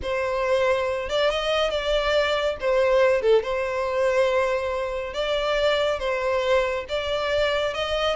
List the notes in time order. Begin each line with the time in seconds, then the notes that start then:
0.02 C5
1.09 D5
1.30 D#5
1.70 D5
2.60 C5
3.21 A4
3.42 C5
5.13 D5
5.99 C5
6.88 D5
7.74 D#5